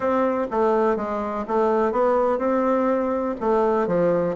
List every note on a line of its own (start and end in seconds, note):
0.00 0.47 C4
0.51 0.96 A3
0.96 1.45 G#3
1.47 1.92 A3
1.92 2.38 B3
2.38 3.35 C4
3.40 3.87 A3
3.87 4.35 F3